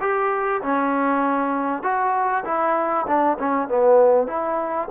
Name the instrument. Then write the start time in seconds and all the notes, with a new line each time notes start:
trombone
0.00 G4
0.62 C#4
1.83 F#4
2.44 E4
3.07 D4
3.38 C#4
3.68 B3
4.27 E4